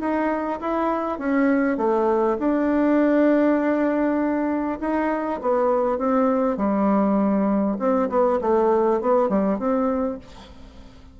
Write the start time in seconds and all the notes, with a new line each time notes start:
0.00 D#4
0.61 E4
1.19 C#4
1.78 A3
2.39 D4
4.80 D#4
5.42 B3
5.98 C4
6.57 G3
7.79 C4
8.09 B3
8.41 A3
9.01 B3
9.29 G3
9.59 C4